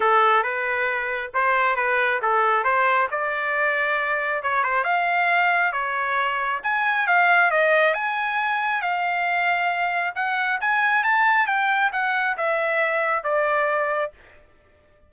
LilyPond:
\new Staff \with { instrumentName = "trumpet" } { \time 4/4 \tempo 4 = 136 a'4 b'2 c''4 | b'4 a'4 c''4 d''4~ | d''2 cis''8 c''8 f''4~ | f''4 cis''2 gis''4 |
f''4 dis''4 gis''2 | f''2. fis''4 | gis''4 a''4 g''4 fis''4 | e''2 d''2 | }